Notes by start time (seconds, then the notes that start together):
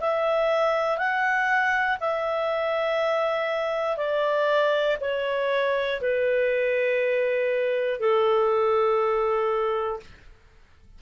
0.00 E5
0.98 F#5
2.00 E5
3.96 D5
5.00 C#5
6.01 B4
7.99 A4